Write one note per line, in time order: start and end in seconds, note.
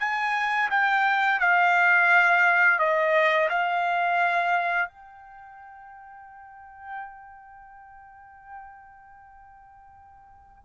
0.00 0.70 G#5
0.70 1.40 G5
1.40 2.79 F5
2.79 3.49 D#5
3.49 4.89 F5
4.89 10.65 G5